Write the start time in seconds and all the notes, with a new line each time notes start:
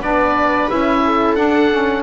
0.00 B3 D4 B4 D5
0.69 C#4 E4 E5
1.03 A4
1.35 D4 F#5
1.71 C#4